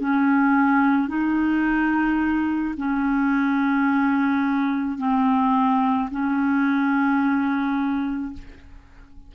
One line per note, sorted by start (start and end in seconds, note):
0.00 1.08 C#4
1.08 2.75 D#4
2.77 4.98 C#4
4.98 6.09 C4
6.11 8.33 C#4